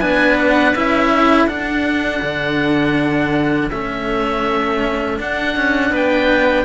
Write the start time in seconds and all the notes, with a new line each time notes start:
0.00 B3 D4 B4 G#5
0.39 F#5
0.75 C#4 E4 E5
1.10 A4
1.46 D4 F#5
2.22 D3
3.70 A3 C#4 E5
5.18 D4 F#5
5.56 C#4
5.90 B3 B4 G5